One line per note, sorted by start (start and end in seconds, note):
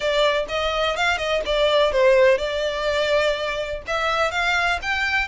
0.00 0.45 D5
0.48 0.96 D#5
0.96 1.17 F5
1.17 1.41 D#5
1.45 1.92 D5
1.92 2.38 C5
2.38 3.82 D5
3.87 4.31 E5
4.31 4.79 F5
4.82 5.28 G5